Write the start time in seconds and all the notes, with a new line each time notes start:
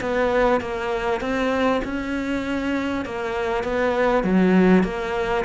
0.00 B3
0.60 A#3
1.20 C4
1.84 C#4
3.05 A#3
3.64 B3
4.23 F#3
4.83 A#3